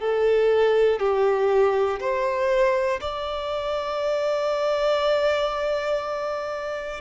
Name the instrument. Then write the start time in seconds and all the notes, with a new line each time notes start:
violin
0.00 A4
1.00 G4
2.00 C5
3.00 D5